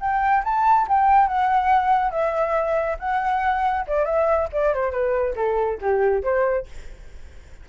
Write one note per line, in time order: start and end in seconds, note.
0.00 0.43 G5
0.44 0.87 A5
0.88 1.28 G5
1.28 2.11 F#5
2.11 2.97 E5
2.99 3.86 F#5
3.87 4.05 D5
4.05 4.49 E5
4.52 4.74 D5
4.74 4.91 C5
4.91 5.34 B4
5.36 5.79 A4
5.81 6.23 G4
6.23 6.67 C5